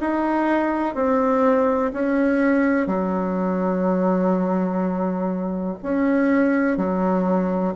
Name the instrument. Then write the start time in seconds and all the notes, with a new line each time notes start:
bassoon
0.00 D#4
0.95 C4
1.93 C#4
2.87 F#3
5.82 C#4
6.77 F#3